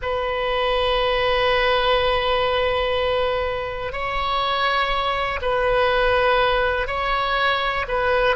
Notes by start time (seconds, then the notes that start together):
0.01 B4
3.92 C#5
5.41 B4
6.87 C#5
7.88 B4